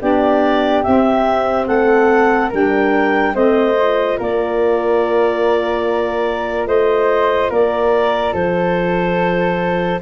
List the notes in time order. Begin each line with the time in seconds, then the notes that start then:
0.00 B3 D4 G4 D5
0.83 C4 E5
1.67 A3 A4 F#5
2.50 G3 D4 A#4 G5
3.34 A3 C4 C5 D#5
3.75 F4
4.18 A#3 A#4 D5
6.66 A3 C5 D#5
7.50 A#3 A#4 D5
8.33 F3 A4 C5